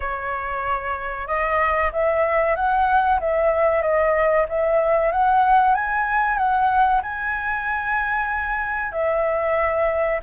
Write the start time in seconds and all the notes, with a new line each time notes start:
0.00 C#5
1.27 D#5
1.92 E5
2.55 F#5
3.19 E5
3.82 D#5
4.48 E5
5.12 F#5
5.74 G#5
6.37 F#5
7.02 G#5
8.92 E5